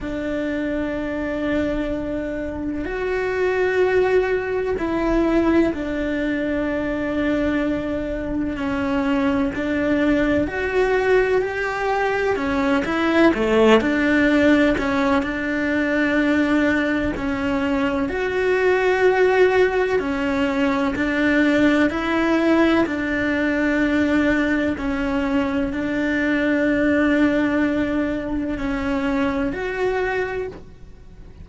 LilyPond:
\new Staff \with { instrumentName = "cello" } { \time 4/4 \tempo 4 = 63 d'2. fis'4~ | fis'4 e'4 d'2~ | d'4 cis'4 d'4 fis'4 | g'4 cis'8 e'8 a8 d'4 cis'8 |
d'2 cis'4 fis'4~ | fis'4 cis'4 d'4 e'4 | d'2 cis'4 d'4~ | d'2 cis'4 fis'4 | }